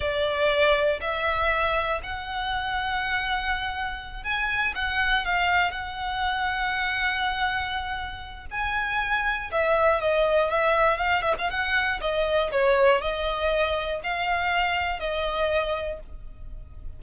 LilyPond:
\new Staff \with { instrumentName = "violin" } { \time 4/4 \tempo 4 = 120 d''2 e''2 | fis''1~ | fis''8 gis''4 fis''4 f''4 fis''8~ | fis''1~ |
fis''4 gis''2 e''4 | dis''4 e''4 f''8 e''16 f''16 fis''4 | dis''4 cis''4 dis''2 | f''2 dis''2 | }